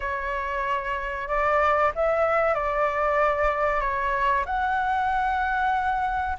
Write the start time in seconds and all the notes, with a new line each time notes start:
0.00 C#5
1.28 D5
1.95 E5
2.54 D5
3.81 C#5
4.45 F#5